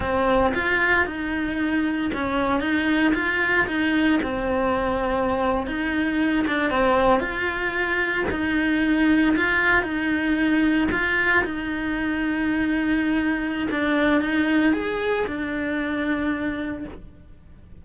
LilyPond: \new Staff \with { instrumentName = "cello" } { \time 4/4 \tempo 4 = 114 c'4 f'4 dis'2 | cis'4 dis'4 f'4 dis'4 | c'2~ c'8. dis'4~ dis'16~ | dis'16 d'8 c'4 f'2 dis'16~ |
dis'4.~ dis'16 f'4 dis'4~ dis'16~ | dis'8. f'4 dis'2~ dis'16~ | dis'2 d'4 dis'4 | gis'4 d'2. | }